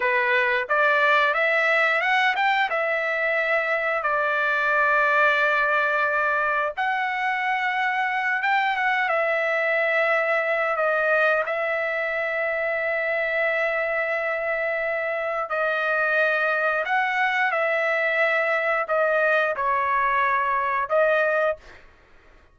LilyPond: \new Staff \with { instrumentName = "trumpet" } { \time 4/4 \tempo 4 = 89 b'4 d''4 e''4 fis''8 g''8 | e''2 d''2~ | d''2 fis''2~ | fis''8 g''8 fis''8 e''2~ e''8 |
dis''4 e''2.~ | e''2. dis''4~ | dis''4 fis''4 e''2 | dis''4 cis''2 dis''4 | }